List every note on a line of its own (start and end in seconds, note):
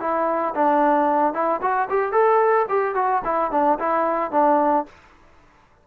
0.00 0.54 E4
0.55 1.33 D4
1.33 1.60 E4
1.61 1.88 F#4
1.89 2.12 G4
2.12 2.66 A4
2.69 2.95 G4
2.95 3.22 F#4
3.24 3.51 E4
3.51 3.78 D4
3.79 4.31 E4
4.31 4.85 D4